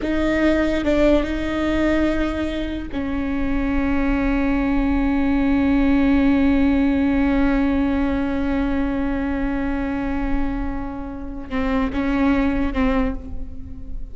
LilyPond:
\new Staff \with { instrumentName = "viola" } { \time 4/4 \tempo 4 = 146 dis'2 d'4 dis'4~ | dis'2. cis'4~ | cis'1~ | cis'1~ |
cis'1~ | cis'1~ | cis'1 | c'4 cis'2 c'4 | }